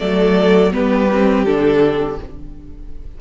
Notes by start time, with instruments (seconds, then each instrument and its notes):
0.00 cello F#3, viola A3, violin A4 D5
0.72 cello G3, viola B3, violin G4 B4
1.13 viola C4
1.45 cello D3, viola D4, violin A4